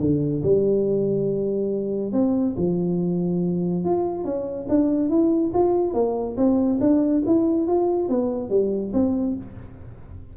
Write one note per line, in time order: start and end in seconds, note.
0.00 0.43 D3
0.43 2.13 G3
2.13 2.55 C4
2.57 3.84 F3
3.84 4.24 F4
4.24 4.67 C#4
4.69 5.09 D4
5.09 5.52 E4
5.54 5.94 F4
5.94 6.36 A#3
6.37 6.79 C4
6.80 7.23 D4
7.26 7.67 E4
7.67 8.09 F4
8.09 8.50 B3
8.50 8.92 G3
8.93 9.36 C4